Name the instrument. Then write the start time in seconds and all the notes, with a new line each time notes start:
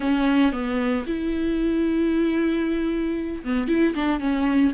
viola
0.00 C#4
0.52 B3
1.06 E4
3.44 B3
3.68 E4
3.94 D4
4.19 C#4